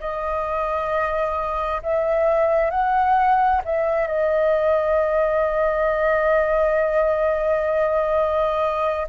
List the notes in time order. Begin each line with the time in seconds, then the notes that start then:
0.00 D#5
1.83 E5
2.71 F#5
3.65 E5
4.07 D#5